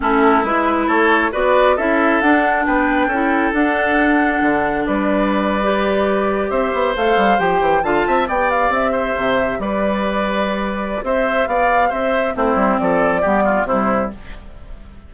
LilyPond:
<<
  \new Staff \with { instrumentName = "flute" } { \time 4/4 \tempo 4 = 136 a'4 b'4 cis''4 d''4 | e''4 fis''4 g''2 | fis''2. d''4~ | d''2~ d''8. e''4 f''16~ |
f''8. g''4 a''4 g''8 f''8 e''16~ | e''4.~ e''16 d''2~ d''16~ | d''4 e''4 f''4 e''4 | c''4 d''2 c''4 | }
  \new Staff \with { instrumentName = "oboe" } { \time 4/4 e'2 a'4 b'4 | a'2 b'4 a'4~ | a'2. b'4~ | b'2~ b'8. c''4~ c''16~ |
c''4.~ c''16 f''8 e''8 d''4~ d''16~ | d''16 c''4. b'2~ b'16~ | b'4 c''4 d''4 c''4 | e'4 a'4 g'8 f'8 e'4 | }
  \new Staff \with { instrumentName = "clarinet" } { \time 4/4 cis'4 e'2 fis'4 | e'4 d'2 e'4 | d'1~ | d'8. g'2. a'16~ |
a'8. g'4 f'4 g'4~ g'16~ | g'1~ | g'1 | c'2 b4 g4 | }
  \new Staff \with { instrumentName = "bassoon" } { \time 4/4 a4 gis4 a4 b4 | cis'4 d'4 b4 cis'4 | d'2 d4 g4~ | g2~ g8. c'8 b8 a16~ |
a16 g8 f8 e8 d8 c'8 b4 c'16~ | c'8. c4 g2~ g16~ | g4 c'4 b4 c'4 | a8 g8 f4 g4 c4 | }
>>